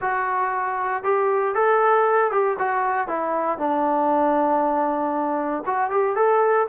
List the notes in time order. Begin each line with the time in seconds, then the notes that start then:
0.01 F#4
1.03 G4
1.55 A4
2.31 G4
2.59 F#4
3.07 E4
3.58 D4
5.66 F#4
5.90 G4
6.15 A4